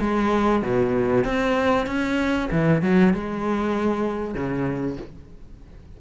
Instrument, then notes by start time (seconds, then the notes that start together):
cello
0.00 G#3
0.62 B2
1.24 C4
1.86 C#4
2.51 E3
2.82 F#3
3.14 G#3
4.34 C#3